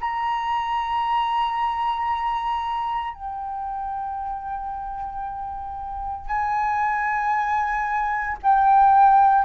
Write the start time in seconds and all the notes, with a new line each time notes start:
0.00 A#5
3.14 G5
6.27 G#5
8.43 G5